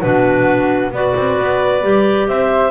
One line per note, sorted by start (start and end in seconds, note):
0.00 0.91 B2
0.00 0.92 D4
0.00 0.90 F#4
0.00 0.91 B4
0.91 1.13 B3
0.91 1.81 F#4
0.91 2.27 B4
0.91 2.28 D5
1.15 1.38 C4
1.38 1.83 B3
1.81 2.27 G3
1.81 2.71 G4
2.27 2.71 C4
2.27 2.71 C5
2.27 2.71 E5